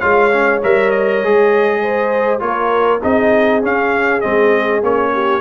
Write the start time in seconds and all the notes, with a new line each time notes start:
0.00 G#3 F4 C#5 F5
0.33 C#4
0.64 G3 A#4 E5
0.91 D#5
1.24 G#3 G#4
1.82 C5
2.40 A#3 F4 A#4 C#5
3.02 C4 D#4 G#4 D#5
3.62 C#4 F5
4.21 G#3 C4 D#5
4.82 A#3 C#4 C#5
5.13 G4